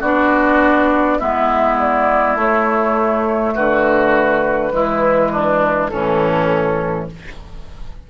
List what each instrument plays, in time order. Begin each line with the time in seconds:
0.00 bassoon B3, clarinet D4, oboe F#4, flute D5
1.19 bassoon G#3, clarinet B3, oboe E4, flute E5
1.79 flute D5
2.35 bassoon A3, clarinet A3, flute C#5
3.54 bassoon D3, oboe F#4, flute B4
4.72 bassoon E3, clarinet G#3, oboe E4
5.32 oboe D4
5.89 bassoon A2, clarinet E3, oboe C#4, flute A4